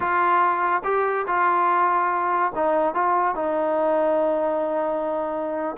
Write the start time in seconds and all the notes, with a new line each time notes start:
0.00 F4
0.84 G4
1.26 F4
2.55 D#4
2.94 F4
3.35 D#4